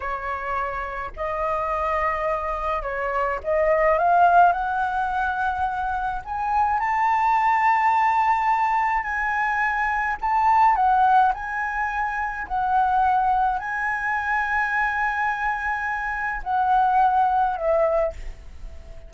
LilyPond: \new Staff \with { instrumentName = "flute" } { \time 4/4 \tempo 4 = 106 cis''2 dis''2~ | dis''4 cis''4 dis''4 f''4 | fis''2. gis''4 | a''1 |
gis''2 a''4 fis''4 | gis''2 fis''2 | gis''1~ | gis''4 fis''2 e''4 | }